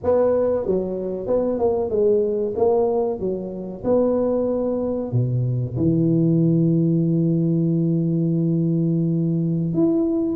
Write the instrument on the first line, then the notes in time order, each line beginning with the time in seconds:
tuba
0.03 B3
0.66 F#3
1.26 B3
1.58 A#3
1.90 G#3
2.56 A#3
3.19 F#3
3.84 B3
5.12 B2
5.76 E3
9.73 E4